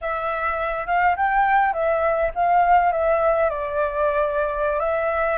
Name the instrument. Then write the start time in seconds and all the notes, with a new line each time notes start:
flute
0.01 E5
0.86 F5
1.16 G5
1.73 E5
2.34 F5
2.92 E5
3.49 D5
4.79 E5